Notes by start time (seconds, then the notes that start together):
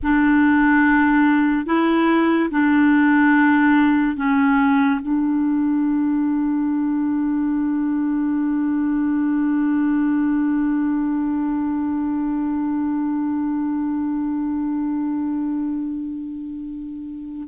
0.02 D4
1.66 E4
2.50 D4
4.16 C#4
5.02 D4